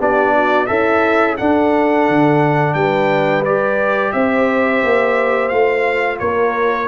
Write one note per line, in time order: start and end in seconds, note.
0.00 0.69 B3
0.00 0.68 D4
0.00 0.34 G4
0.00 0.67 D5
0.36 0.69 F#4
0.67 1.39 C#4
0.67 1.38 E4
0.67 1.37 A4
0.67 1.36 E5
1.37 3.45 D4
1.37 2.09 D4
1.37 2.76 A4
1.37 2.74 F#5
2.09 2.75 D3
2.74 4.13 G3
2.74 4.14 B4
2.74 3.43 G5
3.45 5.51 G4
3.45 4.13 D5
4.13 4.83 C4
4.13 6.21 C5
4.13 5.49 E5
4.84 5.52 A#3
5.49 6.21 A3
5.49 6.88 F4
5.49 6.18 F5
6.20 6.88 A#3
6.20 6.88 A#4
6.20 6.88 C#5